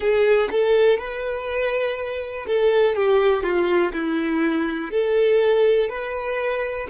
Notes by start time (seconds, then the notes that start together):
0.00 G#4
0.51 A4
0.98 B4
2.46 A4
2.95 G4
3.42 F4
3.92 E4
4.90 A4
5.89 B4